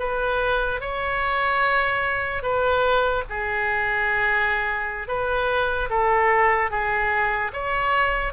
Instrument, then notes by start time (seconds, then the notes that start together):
oboe
0.00 B4
0.81 C#5
2.43 B4
3.30 G#4
5.08 B4
5.90 A4
6.71 G#4
7.54 C#5